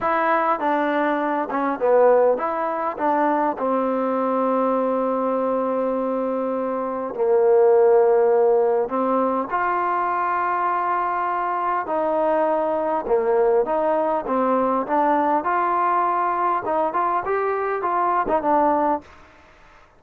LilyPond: \new Staff \with { instrumentName = "trombone" } { \time 4/4 \tempo 4 = 101 e'4 d'4. cis'8 b4 | e'4 d'4 c'2~ | c'1 | ais2. c'4 |
f'1 | dis'2 ais4 dis'4 | c'4 d'4 f'2 | dis'8 f'8 g'4 f'8. dis'16 d'4 | }